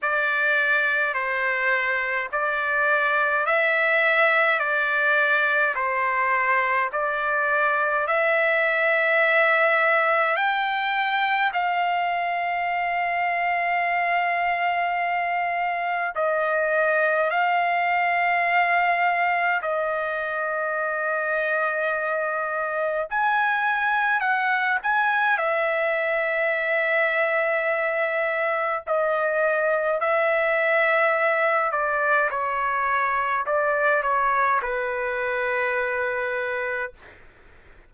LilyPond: \new Staff \with { instrumentName = "trumpet" } { \time 4/4 \tempo 4 = 52 d''4 c''4 d''4 e''4 | d''4 c''4 d''4 e''4~ | e''4 g''4 f''2~ | f''2 dis''4 f''4~ |
f''4 dis''2. | gis''4 fis''8 gis''8 e''2~ | e''4 dis''4 e''4. d''8 | cis''4 d''8 cis''8 b'2 | }